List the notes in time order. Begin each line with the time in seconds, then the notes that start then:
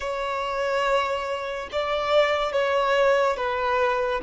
0.00 C#5
1.72 D5
2.52 C#5
3.36 B4